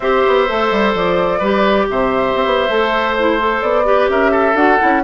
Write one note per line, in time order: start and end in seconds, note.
0.00 0.23 C4
0.00 0.48 G4
0.00 1.38 C5
0.00 0.93 E5
0.27 0.49 B3
0.48 0.71 A3
0.48 1.41 A4
0.71 0.94 G3
0.94 1.40 F3
0.94 1.88 D5
1.38 1.87 G3
1.38 2.69 G4
1.38 1.85 B4
1.89 2.35 C3
1.89 3.86 C5
1.89 3.15 E5
2.35 2.45 C4
2.45 2.68 B3
2.69 3.61 A3
2.69 3.16 A4
3.15 3.39 E4
3.15 3.61 C5
3.39 3.84 A4
3.61 4.08 B3
3.61 4.08 D5
3.84 4.54 G4
3.84 4.09 B4
4.08 4.54 C#4
4.08 4.31 A#4
4.08 4.56 E5
4.31 5.01 A4
4.54 4.77 D4
4.54 4.78 F#4
4.54 5.03 F#5
4.79 5.04 C#4
4.79 5.02 E4